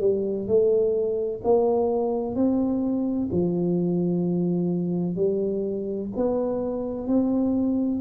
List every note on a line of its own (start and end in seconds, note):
0.00 0.47 G3
0.47 1.41 A3
1.43 2.35 A#3
2.35 3.29 C4
3.32 5.15 F3
5.15 6.09 G3
6.16 7.07 B3
7.07 8.00 C4